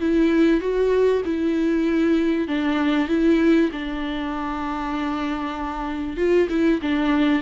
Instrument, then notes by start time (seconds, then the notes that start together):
viola
0.00 E4
0.60 F#4
1.25 E4
2.47 D4
3.08 E4
3.72 D4
6.17 F4
6.49 E4
6.82 D4